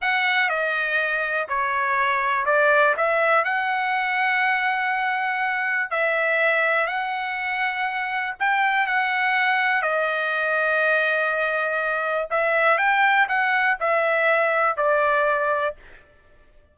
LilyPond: \new Staff \with { instrumentName = "trumpet" } { \time 4/4 \tempo 4 = 122 fis''4 dis''2 cis''4~ | cis''4 d''4 e''4 fis''4~ | fis''1 | e''2 fis''2~ |
fis''4 g''4 fis''2 | dis''1~ | dis''4 e''4 g''4 fis''4 | e''2 d''2 | }